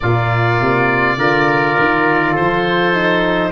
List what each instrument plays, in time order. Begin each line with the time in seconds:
0.00 tuba A#2, horn A#3, trumpet F4, oboe D5
0.60 tuba C3
1.17 tuba D3, horn F4, trumpet A#4
1.78 tuba D#3
2.32 trumpet A4, oboe C5
2.38 tuba F3
2.93 horn D#4